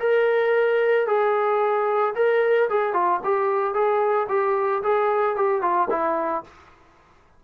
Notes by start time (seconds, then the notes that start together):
0.00 A#4
1.07 G#4
2.16 A#4
2.70 G#4
2.93 F4
3.24 G4
3.74 G#4
4.29 G4
4.83 G#4
5.36 G4
5.62 F4
5.90 E4